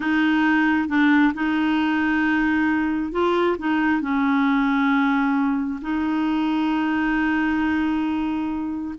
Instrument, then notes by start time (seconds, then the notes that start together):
clarinet
0.00 D#4
0.88 D4
1.34 D#4
3.12 F4
3.58 D#4
4.01 C#4
5.81 D#4